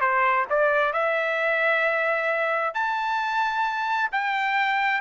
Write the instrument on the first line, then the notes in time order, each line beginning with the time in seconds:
trumpet
0.00 C5
0.49 D5
0.93 E5
2.74 A5
4.11 G5